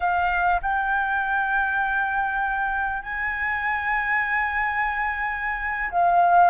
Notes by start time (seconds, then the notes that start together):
0.00 F5
0.61 G5
3.02 G#5
5.90 F5